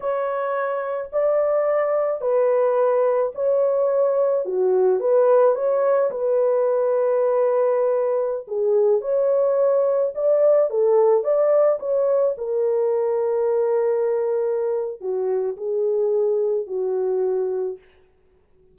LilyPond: \new Staff \with { instrumentName = "horn" } { \time 4/4 \tempo 4 = 108 cis''2 d''2 | b'2 cis''2 | fis'4 b'4 cis''4 b'4~ | b'2.~ b'16 gis'8.~ |
gis'16 cis''2 d''4 a'8.~ | a'16 d''4 cis''4 ais'4.~ ais'16~ | ais'2. fis'4 | gis'2 fis'2 | }